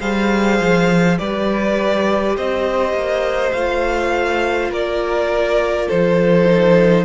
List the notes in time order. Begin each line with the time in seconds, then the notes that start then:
0.00 G3 G#4 C5 F5
0.59 F3
1.18 G3 G4 B4 D5
2.36 C4 C5 D#5
2.93 A#3
3.52 A3 F4 F5
4.70 A#3 A#4 D5
5.87 F3 A4 C5
6.45 D#4